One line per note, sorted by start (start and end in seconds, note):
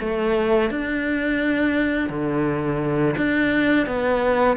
0.00 0.71 A3
0.71 2.10 D4
2.10 3.15 D3
3.17 3.87 D4
3.87 4.58 B3